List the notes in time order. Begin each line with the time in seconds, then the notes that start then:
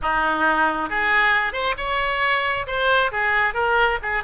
0.02 D#4
0.89 G#4
1.52 C5
1.77 C#5
2.66 C5
3.11 G#4
3.54 A#4
4.02 G#4